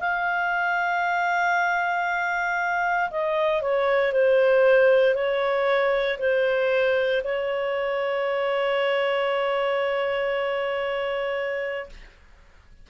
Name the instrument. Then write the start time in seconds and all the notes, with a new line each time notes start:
clarinet
0.00 F5
3.10 D#5
3.62 C#5
4.12 C5
5.14 C#5
6.18 C5
7.24 C#5